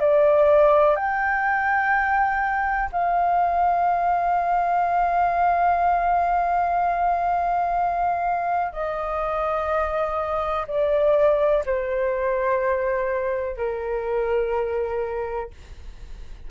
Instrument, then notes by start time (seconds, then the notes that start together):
flute
0.00 D5
0.95 G5
2.92 F5
8.72 D#5
10.67 D5
11.65 C5
13.57 A#4